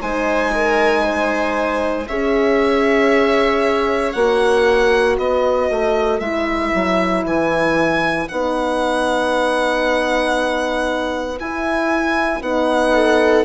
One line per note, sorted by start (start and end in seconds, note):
0.00 2.08 G#3
0.00 2.07 D#4
0.00 0.52 C5
0.00 2.07 G#5
0.54 1.03 A#4
1.03 2.06 C5
2.07 4.15 C#4
2.07 4.15 G#4
2.07 5.18 C#5
2.07 4.12 E5
4.12 5.17 A#3
4.12 6.22 F#4
4.12 5.15 F#5
5.17 5.69 B3
5.17 12.93 B4
5.17 6.19 D#5
5.70 6.19 A3
6.19 6.71 G#3
6.19 8.28 E4
6.19 7.23 E5
6.74 7.24 F#3
7.24 8.27 E3
7.24 8.28 G#5
8.28 11.39 B3
8.28 11.39 D#4
8.28 11.38 F#5
11.39 12.40 E4
11.39 12.41 E4
11.39 12.42 G#5
12.40 13.44 B3
12.40 13.44 D#4
12.40 13.44 F#5
12.93 13.44 A4